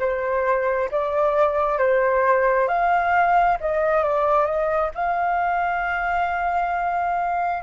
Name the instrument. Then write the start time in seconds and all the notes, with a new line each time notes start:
flute
0.00 C5
0.92 D5
1.79 C5
2.68 F5
3.61 D#5
4.03 D5
4.46 D#5
4.95 F5